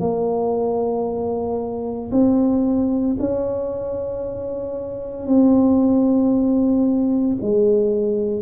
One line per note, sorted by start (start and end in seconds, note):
0.00 2.11 A#3
2.11 3.17 C4
3.20 5.27 C#4
5.27 7.37 C4
7.42 8.42 G#3